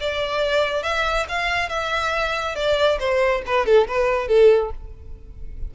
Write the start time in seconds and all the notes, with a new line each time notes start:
0.00 D5
0.83 E5
1.29 F5
1.69 E5
2.55 D5
2.99 C5
3.46 B4
3.66 A4
3.88 B4
4.28 A4